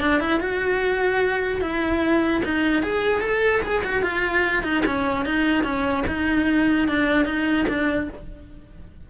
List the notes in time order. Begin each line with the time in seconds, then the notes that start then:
0.00 D4
0.20 E4
0.40 F#4
1.61 E4
2.45 D#4
2.83 G#4
3.21 A4
3.62 G#4
3.84 F#4
4.02 F4
4.63 D#4
4.86 C#4
5.25 D#4
5.64 C#4
6.07 D#4
6.88 D4
7.25 D#4
7.68 D4